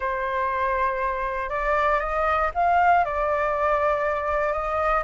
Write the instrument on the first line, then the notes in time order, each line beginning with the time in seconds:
flute
0.00 C5
1.49 D5
2.00 D#5
2.54 F5
3.04 D5
4.52 D#5